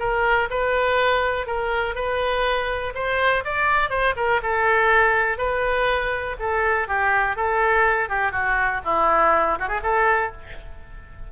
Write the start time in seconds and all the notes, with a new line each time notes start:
0.00 A#4
0.51 B4
1.47 A#4
1.95 B4
2.95 C5
3.45 D5
3.90 C5
4.17 A#4
4.43 A4
5.38 B4
6.40 A4
6.88 G4
7.37 A4
8.10 G4
8.32 F#4
8.85 E4
9.60 F#4
9.69 G#4
9.83 A4